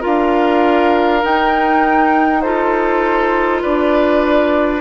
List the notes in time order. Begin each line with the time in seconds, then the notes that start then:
0.00 D4 F4 A#4 F5
1.23 D#4 G5
2.41 F4 A4 C5
3.62 D4 B4 D5